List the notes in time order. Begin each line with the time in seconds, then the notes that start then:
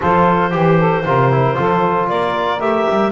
0.00 F3 F4 A4 C5
0.50 E3 G4
0.78 A4
1.05 C3 F4 A#4
1.31 E4
1.54 F3 F4 A4
2.08 A#3 A#4 D5
2.60 A3 G4 E5
2.89 G3